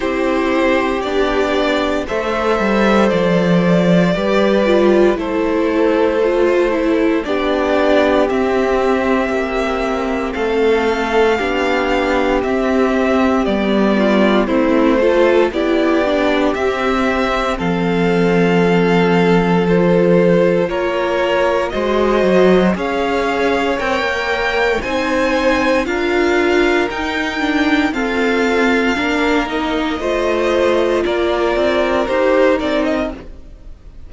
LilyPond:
<<
  \new Staff \with { instrumentName = "violin" } { \time 4/4 \tempo 4 = 58 c''4 d''4 e''4 d''4~ | d''4 c''2 d''4 | e''2 f''2 | e''4 d''4 c''4 d''4 |
e''4 f''2 c''4 | cis''4 dis''4 f''4 g''4 | gis''4 f''4 g''4 f''4~ | f''8 dis''4. d''4 c''8 d''16 dis''16 | }
  \new Staff \with { instrumentName = "violin" } { \time 4/4 g'2 c''2 | b'4 a'2 g'4~ | g'2 a'4 g'4~ | g'4. f'8 e'8 a'8 g'4~ |
g'4 a'2. | ais'4 c''4 cis''2 | c''4 ais'2 a'4 | ais'4 c''4 ais'2 | }
  \new Staff \with { instrumentName = "viola" } { \time 4/4 e'4 d'4 a'2 | g'8 f'8 e'4 f'8 e'8 d'4 | c'2. d'4 | c'4 b4 c'8 f'8 e'8 d'8 |
c'2. f'4~ | f'4 fis'4 gis'4 ais'4 | dis'4 f'4 dis'8 d'8 c'4 | d'8 dis'8 f'2 g'8 dis'8 | }
  \new Staff \with { instrumentName = "cello" } { \time 4/4 c'4 b4 a8 g8 f4 | g4 a2 b4 | c'4 ais4 a4 b4 | c'4 g4 a4 b4 |
c'4 f2. | ais4 gis8 fis8 cis'4 c'16 ais8. | c'4 d'4 dis'4 f'4 | ais4 a4 ais8 c'8 dis'8 c'8 | }
>>